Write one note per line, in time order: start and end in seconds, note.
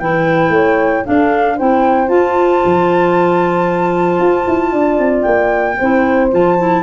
0.00 0.49 E3
0.00 1.05 E4
0.00 0.53 B4
0.00 1.05 G5
0.49 1.02 A3
0.49 1.05 C#5
1.05 1.57 D4
1.05 1.60 D4
1.05 1.56 A4
1.05 1.58 F5
1.56 2.09 C4
1.56 2.08 E4
1.56 4.72 C5
1.56 2.09 G5
2.08 5.77 F4
2.08 2.62 F4
2.08 5.22 A5
2.65 4.19 F3
4.19 4.46 F4
4.47 4.73 E4
4.73 4.99 D4
4.73 5.78 D5
4.99 5.25 C4
5.22 5.79 A#3
5.22 6.28 G5
5.78 6.33 C4
5.78 6.31 E4
5.78 6.83 C5
6.31 6.83 F3
6.31 6.58 F4
6.31 6.83 A5
6.58 6.83 E4